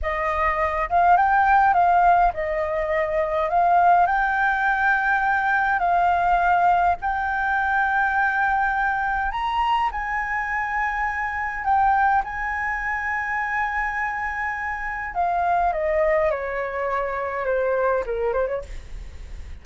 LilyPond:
\new Staff \with { instrumentName = "flute" } { \time 4/4 \tempo 4 = 103 dis''4. f''8 g''4 f''4 | dis''2 f''4 g''4~ | g''2 f''2 | g''1 |
ais''4 gis''2. | g''4 gis''2.~ | gis''2 f''4 dis''4 | cis''2 c''4 ais'8 c''16 cis''16 | }